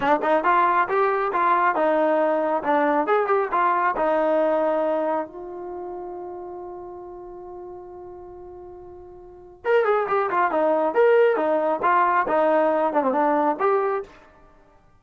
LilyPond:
\new Staff \with { instrumentName = "trombone" } { \time 4/4 \tempo 4 = 137 d'8 dis'8 f'4 g'4 f'4 | dis'2 d'4 gis'8 g'8 | f'4 dis'2. | f'1~ |
f'1~ | f'2 ais'8 gis'8 g'8 f'8 | dis'4 ais'4 dis'4 f'4 | dis'4. d'16 c'16 d'4 g'4 | }